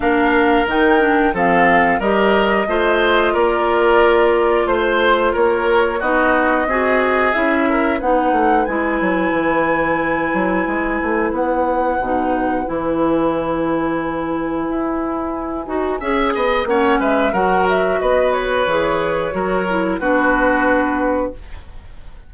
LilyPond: <<
  \new Staff \with { instrumentName = "flute" } { \time 4/4 \tempo 4 = 90 f''4 g''4 f''4 dis''4~ | dis''4 d''2 c''4 | cis''4 dis''2 e''4 | fis''4 gis''2.~ |
gis''4 fis''2 gis''4~ | gis''1~ | gis''4 fis''8 e''8 fis''8 e''8 dis''8 cis''8~ | cis''2 b'2 | }
  \new Staff \with { instrumentName = "oboe" } { \time 4/4 ais'2 a'4 ais'4 | c''4 ais'2 c''4 | ais'4 fis'4 gis'4. ais'8 | b'1~ |
b'1~ | b'1 | e''8 dis''8 cis''8 b'8 ais'4 b'4~ | b'4 ais'4 fis'2 | }
  \new Staff \with { instrumentName = "clarinet" } { \time 4/4 d'4 dis'8 d'8 c'4 g'4 | f'1~ | f'4 dis'4 fis'4 e'4 | dis'4 e'2.~ |
e'2 dis'4 e'4~ | e'2.~ e'8 fis'8 | gis'4 cis'4 fis'2 | gis'4 fis'8 e'8 d'2 | }
  \new Staff \with { instrumentName = "bassoon" } { \time 4/4 ais4 dis4 f4 g4 | a4 ais2 a4 | ais4 b4 c'4 cis'4 | b8 a8 gis8 fis8 e4. fis8 |
gis8 a8 b4 b,4 e4~ | e2 e'4. dis'8 | cis'8 b8 ais8 gis8 fis4 b4 | e4 fis4 b2 | }
>>